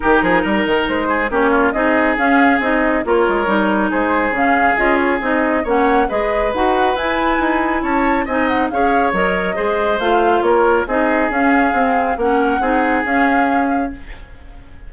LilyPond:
<<
  \new Staff \with { instrumentName = "flute" } { \time 4/4 \tempo 4 = 138 ais'2 c''4 cis''4 | dis''4 f''4 dis''4 cis''4~ | cis''4 c''4 f''4 dis''8 cis''8 | dis''4 fis''4 dis''4 fis''4 |
gis''2 a''4 gis''8 fis''8 | f''4 dis''2 f''4 | cis''4 dis''4 f''2 | fis''2 f''2 | }
  \new Staff \with { instrumentName = "oboe" } { \time 4/4 g'8 gis'8 ais'4. gis'8 g'8 f'8 | gis'2. ais'4~ | ais'4 gis'2.~ | gis'4 cis''4 b'2~ |
b'2 cis''4 dis''4 | cis''2 c''2 | ais'4 gis'2. | ais'4 gis'2. | }
  \new Staff \with { instrumentName = "clarinet" } { \time 4/4 dis'2. cis'4 | dis'4 cis'4 dis'4 f'4 | dis'2 cis'4 f'4 | dis'4 cis'4 gis'4 fis'4 |
e'2. dis'4 | gis'4 ais'4 gis'4 f'4~ | f'4 dis'4 cis'4 c'4 | cis'4 dis'4 cis'2 | }
  \new Staff \with { instrumentName = "bassoon" } { \time 4/4 dis8 f8 g8 dis8 gis4 ais4 | c'4 cis'4 c'4 ais8 gis8 | g4 gis4 cis4 cis'4 | c'4 ais4 gis4 dis'4 |
e'4 dis'4 cis'4 c'4 | cis'4 fis4 gis4 a4 | ais4 c'4 cis'4 c'4 | ais4 c'4 cis'2 | }
>>